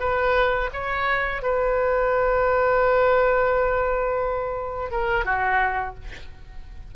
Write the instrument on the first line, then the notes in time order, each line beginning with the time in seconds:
oboe
0.00 B4
0.73 C#5
1.42 B4
4.92 A#4
5.25 F#4